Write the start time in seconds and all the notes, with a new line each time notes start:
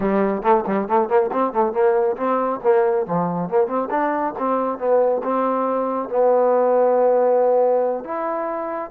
0.00 G3
0.42 A3
0.66 G3
0.87 A3
1.08 A#3
1.32 C4
1.52 A3
1.73 A#3
2.16 C4
2.63 A#3
3.06 F3
3.49 A#3
3.67 C4
3.90 D4
4.38 C4
4.78 B3
5.23 C4
6.09 B3
8.04 E4